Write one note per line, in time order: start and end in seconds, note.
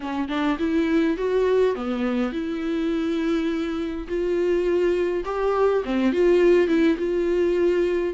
0.00 0.28 C#4
0.28 0.57 D4
0.58 1.17 E4
1.17 1.75 F#4
1.75 2.32 B3
2.32 4.07 E4
4.07 5.24 F4
5.25 5.83 G4
5.84 6.12 C4
6.12 6.67 F4
6.67 6.96 E4
6.97 8.14 F4